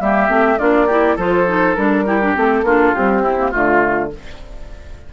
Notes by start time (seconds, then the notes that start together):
0.00 G3 A#3 G4 E5
0.28 A3 C4
0.58 A#3 D4 F4 D5
0.86 E4 G4
1.15 F3 F4 A4 C5
1.46 D#4
1.74 G3 D4 A#4
2.06 E4 G4
2.21 D4
2.35 A3 C4 A4
2.62 A#3 D4 F4
2.95 G3 C4 G4
3.22 C4 E4
3.38 A#3
3.50 D3 A3 F4